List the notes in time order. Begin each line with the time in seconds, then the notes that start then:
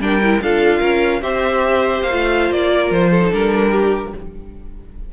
0.00 G3 D4 A#4 G5
0.23 E4
0.42 D4 F4 A4 F5
0.80 C#4 A#4
1.21 C4 G4 C5 E5
2.02 A#3 F5
2.11 A3 F4
2.51 A#3 D5
2.71 A#4
2.91 F3 C5
3.11 A4
3.21 D#4
3.31 G3 D4 A#4
3.72 G4